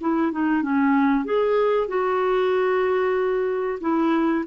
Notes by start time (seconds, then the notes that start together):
0.00 E4
0.32 D#4
0.62 C#4
1.24 G#4
1.87 F#4
3.80 E4